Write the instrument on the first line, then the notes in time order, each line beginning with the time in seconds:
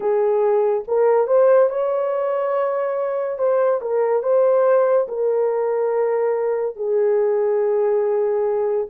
horn
0.00 G#4
0.87 A#4
1.27 C5
1.69 C#5
3.38 C5
3.81 A#4
4.23 C5
5.07 A#4
6.76 G#4